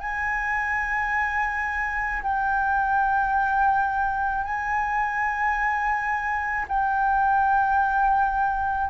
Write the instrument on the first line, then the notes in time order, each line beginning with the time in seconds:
flute
0.00 G#5
2.23 G5
4.44 G#5
6.69 G5